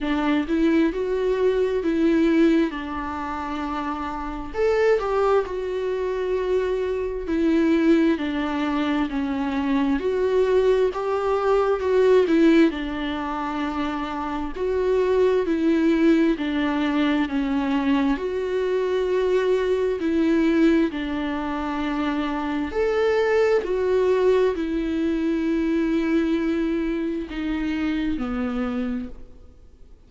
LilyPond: \new Staff \with { instrumentName = "viola" } { \time 4/4 \tempo 4 = 66 d'8 e'8 fis'4 e'4 d'4~ | d'4 a'8 g'8 fis'2 | e'4 d'4 cis'4 fis'4 | g'4 fis'8 e'8 d'2 |
fis'4 e'4 d'4 cis'4 | fis'2 e'4 d'4~ | d'4 a'4 fis'4 e'4~ | e'2 dis'4 b4 | }